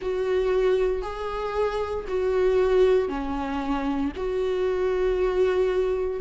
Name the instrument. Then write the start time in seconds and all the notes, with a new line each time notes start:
viola
0.01 F#4
1.02 G#4
2.07 F#4
3.08 C#4
4.16 F#4